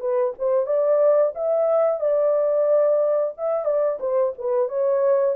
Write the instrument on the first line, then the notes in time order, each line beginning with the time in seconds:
horn
0.00 B4
0.38 C5
0.66 D5
1.35 E5
2.00 D5
3.37 E5
3.65 D5
4.00 C5
4.38 B4
4.68 C#5